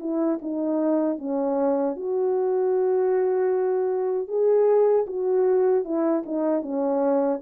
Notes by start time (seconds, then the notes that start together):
0.00 E4
0.42 D#4
1.18 C#4
1.96 F#4
4.28 G#4
5.07 F#4
5.85 E4
6.26 D#4
6.62 C#4